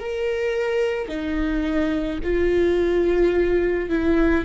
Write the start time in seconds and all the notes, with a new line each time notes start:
0.00 A#4
1.09 D#4
2.24 F4
3.89 E4